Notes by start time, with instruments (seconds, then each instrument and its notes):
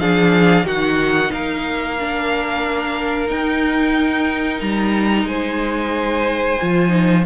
0.00 cello F3, viola D4, violin G#4 F5
0.64 cello D#3, viola D#4, violin F#4 F#5
1.32 cello A#3, violin A#4 F5
2.00 viola D4
3.28 viola D#4, cello D#4, violin G5
4.60 cello G3, violin A#5
5.25 cello G#3, violin C5 G#5
6.61 cello F3, viola F4
6.89 viola D#4